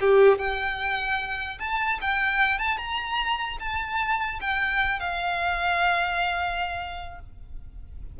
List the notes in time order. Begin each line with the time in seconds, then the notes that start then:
0.00 G4
0.38 G5
1.59 A5
2.01 G5
2.58 A5
2.77 A#5
3.59 A5
4.41 G5
4.99 F5